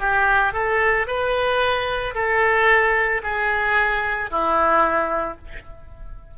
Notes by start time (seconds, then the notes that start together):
0.00 G4
0.53 A4
1.07 B4
2.15 A4
3.23 G#4
4.31 E4